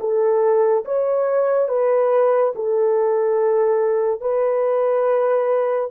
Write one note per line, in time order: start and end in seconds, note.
0.00 0.85 A4
0.85 1.69 C#5
1.69 2.53 B4
2.55 4.21 A4
4.21 5.90 B4